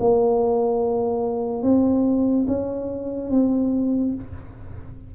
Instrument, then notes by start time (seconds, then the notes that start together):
tuba
0.00 A#3
1.63 C4
2.48 C#4
3.31 C4